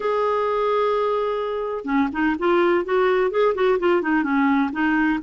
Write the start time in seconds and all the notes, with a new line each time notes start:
0.00 G#4
1.84 C#4
2.12 D#4
2.39 F4
2.84 F#4
3.30 G#4
3.54 F#4
3.79 F4
4.02 D#4
4.23 C#4
4.72 D#4